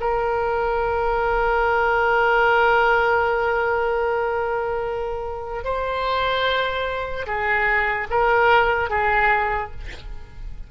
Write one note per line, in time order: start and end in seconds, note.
0.00 5.64 A#4
5.64 7.26 C5
7.26 8.07 G#4
8.10 8.90 A#4
8.90 9.71 G#4